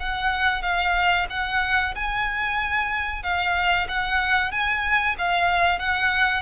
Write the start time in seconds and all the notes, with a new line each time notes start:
0.00 F#5
0.62 F5
1.30 F#5
1.95 G#5
3.23 F5
3.89 F#5
4.52 G#5
5.18 F5
5.79 F#5